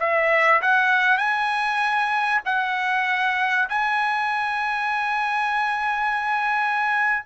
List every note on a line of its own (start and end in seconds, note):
0.00 0.62 E5
0.62 1.18 F#5
1.18 2.42 G#5
2.46 3.69 F#5
3.69 7.25 G#5